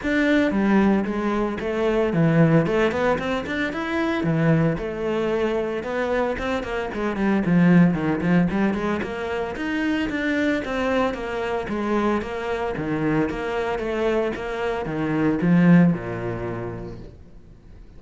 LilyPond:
\new Staff \with { instrumentName = "cello" } { \time 4/4 \tempo 4 = 113 d'4 g4 gis4 a4 | e4 a8 b8 c'8 d'8 e'4 | e4 a2 b4 | c'8 ais8 gis8 g8 f4 dis8 f8 |
g8 gis8 ais4 dis'4 d'4 | c'4 ais4 gis4 ais4 | dis4 ais4 a4 ais4 | dis4 f4 ais,2 | }